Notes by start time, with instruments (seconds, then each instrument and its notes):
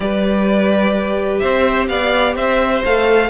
0.00 cello G3, viola G4, violin B4 D5
1.39 cello C4, violin C5 E5
1.88 cello B3, violin D5 F5
2.34 cello C4, violin C5 E5
2.85 cello A3, viola A4, violin F5